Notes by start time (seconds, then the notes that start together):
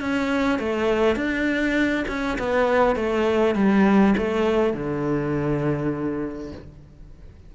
0.00 C#4
0.59 A3
1.16 D4
2.08 C#4
2.38 B3
2.96 A3
3.55 G3
4.17 A3
4.73 D3